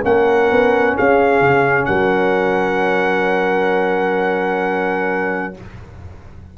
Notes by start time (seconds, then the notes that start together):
0.00 A#3 C#4 F#5
0.07 A#4
0.51 B3
0.95 C#4 G#4 F5
1.41 C#3
1.85 F#3 A#4 F#5